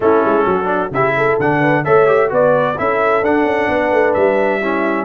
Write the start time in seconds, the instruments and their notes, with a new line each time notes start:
0.00 tuba A3, trombone C#4, horn E4, trumpet A4
0.25 tuba G#3
0.45 tuba F#3, horn F#4
0.64 trombone D4
0.90 tuba C#3, trombone E4, horn G4, trumpet E5
1.16 horn A4
1.39 tuba D3, trombone D4, trumpet F#5
1.59 horn B4
1.84 tuba A3, trombone A4, horn C#5, trumpet E5
2.07 trombone G4
2.28 tuba B3, trombone F#4, horn B4, trumpet D5
2.77 tuba C#4, trombone E4, horn A4, trumpet E5
3.22 tuba D4, trombone D4, trumpet F#5
3.44 tuba C#4
3.68 tuba B3, horn B4
3.91 tuba A3
4.13 tuba G3, trumpet E5
4.60 trombone C#4, horn E4